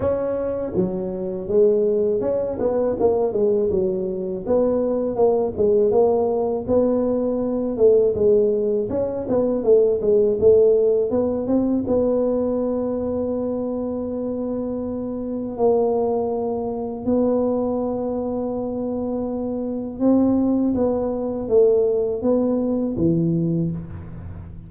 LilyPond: \new Staff \with { instrumentName = "tuba" } { \time 4/4 \tempo 4 = 81 cis'4 fis4 gis4 cis'8 b8 | ais8 gis8 fis4 b4 ais8 gis8 | ais4 b4. a8 gis4 | cis'8 b8 a8 gis8 a4 b8 c'8 |
b1~ | b4 ais2 b4~ | b2. c'4 | b4 a4 b4 e4 | }